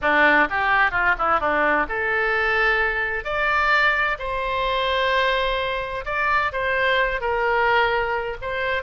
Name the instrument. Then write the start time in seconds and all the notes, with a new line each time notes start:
oboe
0.01 D4
0.49 G4
0.91 F4
1.18 E4
1.40 D4
1.88 A4
3.24 D5
4.18 C5
6.05 D5
6.52 C5
7.21 A#4
8.41 C5